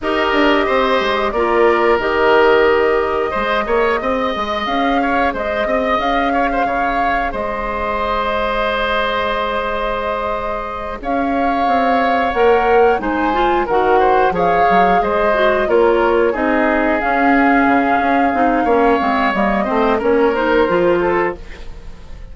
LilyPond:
<<
  \new Staff \with { instrumentName = "flute" } { \time 4/4 \tempo 4 = 90 dis''2 d''4 dis''4~ | dis''2. f''4 | dis''4 f''2 dis''4~ | dis''1~ |
dis''8 f''2 fis''4 gis''8~ | gis''8 fis''4 f''4 dis''4 cis''8~ | cis''8 dis''4 f''2~ f''8~ | f''4 dis''4 cis''8 c''4. | }
  \new Staff \with { instrumentName = "oboe" } { \time 4/4 ais'4 c''4 ais'2~ | ais'4 c''8 cis''8 dis''4. cis''8 | c''8 dis''4 cis''16 c''16 cis''4 c''4~ | c''1~ |
c''8 cis''2. c''8~ | c''8 ais'8 c''8 cis''4 c''4 ais'8~ | ais'8 gis'2.~ gis'8 | cis''4. c''8 ais'4. a'8 | }
  \new Staff \with { instrumentName = "clarinet" } { \time 4/4 g'2 f'4 g'4~ | g'4 gis'2.~ | gis'1~ | gis'1~ |
gis'2~ gis'8 ais'4 dis'8 | f'8 fis'4 gis'4. fis'8 f'8~ | f'8 dis'4 cis'2 dis'8 | cis'8 c'8 ais8 c'8 cis'8 dis'8 f'4 | }
  \new Staff \with { instrumentName = "bassoon" } { \time 4/4 dis'8 d'8 c'8 gis8 ais4 dis4~ | dis4 gis8 ais8 c'8 gis8 cis'4 | gis8 c'8 cis'4 cis4 gis4~ | gis1~ |
gis8 cis'4 c'4 ais4 gis8~ | gis8 dis4 f8 fis8 gis4 ais8~ | ais8 c'4 cis'4 cis8 cis'8 c'8 | ais8 gis8 g8 a8 ais4 f4 | }
>>